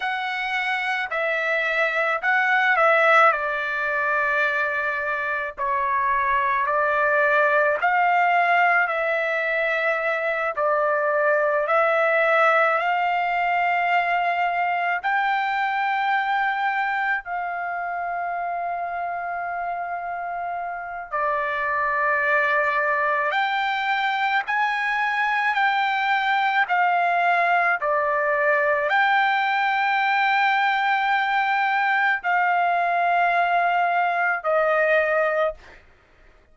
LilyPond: \new Staff \with { instrumentName = "trumpet" } { \time 4/4 \tempo 4 = 54 fis''4 e''4 fis''8 e''8 d''4~ | d''4 cis''4 d''4 f''4 | e''4. d''4 e''4 f''8~ | f''4. g''2 f''8~ |
f''2. d''4~ | d''4 g''4 gis''4 g''4 | f''4 d''4 g''2~ | g''4 f''2 dis''4 | }